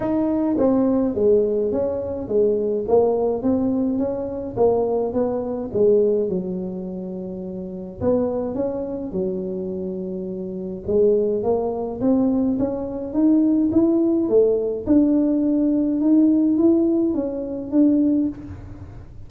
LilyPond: \new Staff \with { instrumentName = "tuba" } { \time 4/4 \tempo 4 = 105 dis'4 c'4 gis4 cis'4 | gis4 ais4 c'4 cis'4 | ais4 b4 gis4 fis4~ | fis2 b4 cis'4 |
fis2. gis4 | ais4 c'4 cis'4 dis'4 | e'4 a4 d'2 | dis'4 e'4 cis'4 d'4 | }